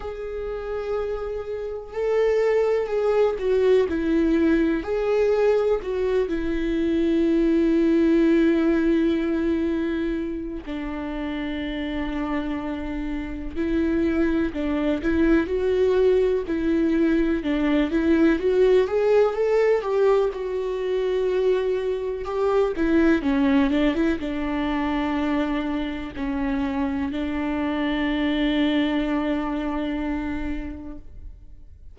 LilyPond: \new Staff \with { instrumentName = "viola" } { \time 4/4 \tempo 4 = 62 gis'2 a'4 gis'8 fis'8 | e'4 gis'4 fis'8 e'4.~ | e'2. d'4~ | d'2 e'4 d'8 e'8 |
fis'4 e'4 d'8 e'8 fis'8 gis'8 | a'8 g'8 fis'2 g'8 e'8 | cis'8 d'16 e'16 d'2 cis'4 | d'1 | }